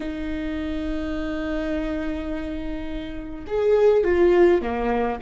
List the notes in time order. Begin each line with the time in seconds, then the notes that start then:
0.00 D#4
3.47 G#4
4.04 F4
4.62 A#3